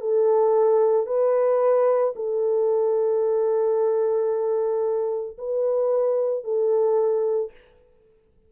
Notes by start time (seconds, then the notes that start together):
0.00 A4
1.06 B4
2.15 A4
5.38 B4
6.44 A4